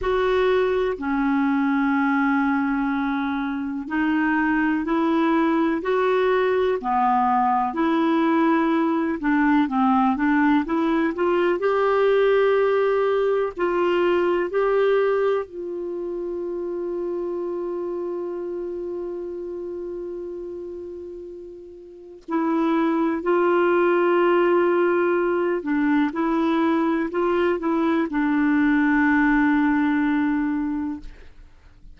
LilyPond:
\new Staff \with { instrumentName = "clarinet" } { \time 4/4 \tempo 4 = 62 fis'4 cis'2. | dis'4 e'4 fis'4 b4 | e'4. d'8 c'8 d'8 e'8 f'8 | g'2 f'4 g'4 |
f'1~ | f'2. e'4 | f'2~ f'8 d'8 e'4 | f'8 e'8 d'2. | }